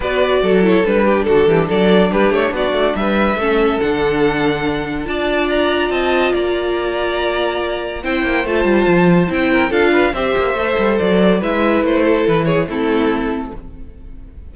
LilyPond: <<
  \new Staff \with { instrumentName = "violin" } { \time 4/4 \tempo 4 = 142 d''4. cis''8 b'4 a'4 | d''4 b'8 cis''8 d''4 e''4~ | e''4 fis''2. | a''4 ais''4 a''4 ais''4~ |
ais''2. g''4 | a''2 g''4 f''4 | e''2 d''4 e''4 | c''4 b'8 cis''8 a'2 | }
  \new Staff \with { instrumentName = "violin" } { \time 4/4 b'4 a'4. g'8 fis'8 g'8 | a'4 g'4 fis'4 b'4 | a'1 | d''2 dis''4 d''4~ |
d''2. c''4~ | c''2~ c''8 ais'8 a'8 b'8 | c''2. b'4~ | b'8 a'4 gis'8 e'2 | }
  \new Staff \with { instrumentName = "viola" } { \time 4/4 fis'4. e'8 d'2~ | d'1 | cis'4 d'2. | f'1~ |
f'2. e'4 | f'2 e'4 f'4 | g'4 a'2 e'4~ | e'2 c'2 | }
  \new Staff \with { instrumentName = "cello" } { \time 4/4 b4 fis4 g4 d8 e8 | fis4 g8 a8 b8 a8 g4 | a4 d2. | d'2 c'4 ais4~ |
ais2. c'8 ais8 | a8 g8 f4 c'4 d'4 | c'8 ais8 a8 g8 fis4 gis4 | a4 e4 a2 | }
>>